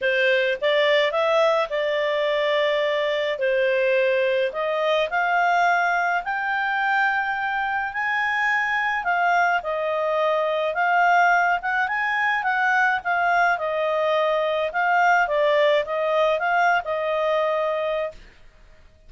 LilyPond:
\new Staff \with { instrumentName = "clarinet" } { \time 4/4 \tempo 4 = 106 c''4 d''4 e''4 d''4~ | d''2 c''2 | dis''4 f''2 g''4~ | g''2 gis''2 |
f''4 dis''2 f''4~ | f''8 fis''8 gis''4 fis''4 f''4 | dis''2 f''4 d''4 | dis''4 f''8. dis''2~ dis''16 | }